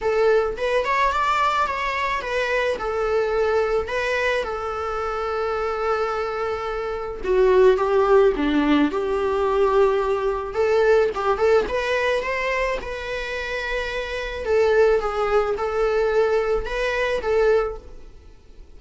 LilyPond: \new Staff \with { instrumentName = "viola" } { \time 4/4 \tempo 4 = 108 a'4 b'8 cis''8 d''4 cis''4 | b'4 a'2 b'4 | a'1~ | a'4 fis'4 g'4 d'4 |
g'2. a'4 | g'8 a'8 b'4 c''4 b'4~ | b'2 a'4 gis'4 | a'2 b'4 a'4 | }